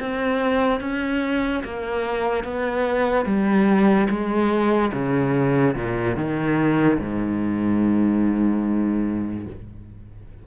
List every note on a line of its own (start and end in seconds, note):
0.00 0.80 C4
0.80 1.63 C#4
1.64 2.44 A#3
2.44 3.26 B3
3.26 4.08 G3
4.09 4.92 G#3
4.93 5.75 C#3
5.76 6.16 A#2
6.16 6.98 D#3
7.00 9.46 G#2